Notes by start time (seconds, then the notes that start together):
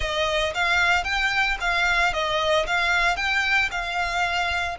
0.00 D#5
0.54 F5
1.04 G5
1.60 F5
2.13 D#5
2.66 F5
3.16 G5
3.71 F5